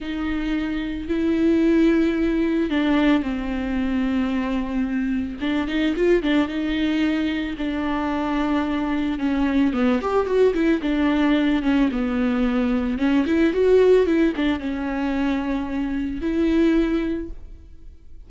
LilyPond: \new Staff \with { instrumentName = "viola" } { \time 4/4 \tempo 4 = 111 dis'2 e'2~ | e'4 d'4 c'2~ | c'2 d'8 dis'8 f'8 d'8 | dis'2 d'2~ |
d'4 cis'4 b8 g'8 fis'8 e'8 | d'4. cis'8 b2 | cis'8 e'8 fis'4 e'8 d'8 cis'4~ | cis'2 e'2 | }